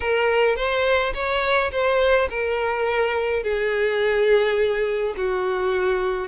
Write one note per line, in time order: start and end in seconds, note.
0.00 0.56 A#4
0.56 1.13 C5
1.14 1.71 C#5
1.71 2.28 C5
2.29 3.43 A#4
3.43 5.14 G#4
5.16 6.28 F#4